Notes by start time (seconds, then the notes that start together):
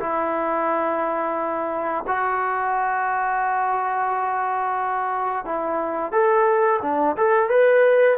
0.00 E4
2.07 F#4
5.45 E4
6.12 A4
6.82 D4
7.17 A4
7.50 B4